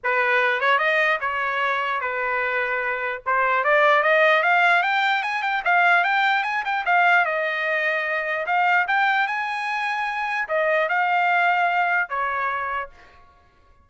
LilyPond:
\new Staff \with { instrumentName = "trumpet" } { \time 4/4 \tempo 4 = 149 b'4. cis''8 dis''4 cis''4~ | cis''4 b'2. | c''4 d''4 dis''4 f''4 | g''4 gis''8 g''8 f''4 g''4 |
gis''8 g''8 f''4 dis''2~ | dis''4 f''4 g''4 gis''4~ | gis''2 dis''4 f''4~ | f''2 cis''2 | }